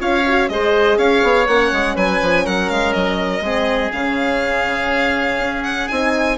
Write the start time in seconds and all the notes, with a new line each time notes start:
0.00 C#4 F4 C#5 F5
0.27 F#4
0.49 G#3 G#4 C5 D#5
0.98 C#4 C#5 F5
1.23 B3
1.47 A#3 C#4 F#5
1.72 G#3
1.95 F#3 B4 G#5
2.22 F3
2.45 F#3 A#4 F#5
2.69 G#3 F5
2.93 F#3 D#5
3.41 G#3 C4 G#4
3.91 C#3 C#4 F5
5.39 C#4
5.64 F#5
5.88 C4 D#4 G#5